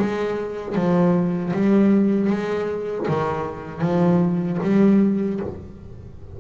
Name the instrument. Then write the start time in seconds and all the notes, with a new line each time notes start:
double bass
0.00 G#3
0.76 F3
1.54 G3
2.30 G#3
3.09 D#3
3.81 F3
4.64 G3